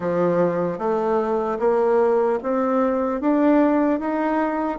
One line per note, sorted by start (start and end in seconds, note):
0.00 0.78 F3
0.78 1.58 A3
1.59 2.39 A#3
2.42 3.20 C4
3.20 3.99 D4
3.99 4.78 D#4